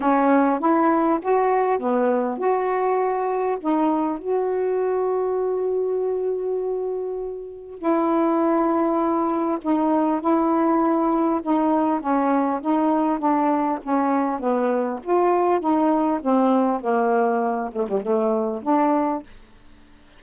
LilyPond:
\new Staff \with { instrumentName = "saxophone" } { \time 4/4 \tempo 4 = 100 cis'4 e'4 fis'4 b4 | fis'2 dis'4 fis'4~ | fis'1~ | fis'4 e'2. |
dis'4 e'2 dis'4 | cis'4 dis'4 d'4 cis'4 | b4 f'4 dis'4 c'4 | ais4. a16 g16 a4 d'4 | }